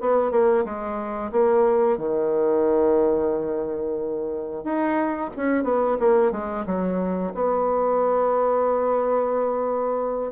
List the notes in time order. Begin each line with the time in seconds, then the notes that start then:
0.00 B3
0.31 A#3
0.64 G#3
1.32 A#3
1.97 D#3
4.64 D#4
5.36 C#4
5.64 B3
5.99 A#3
6.31 G#3
6.66 F#3
7.34 B3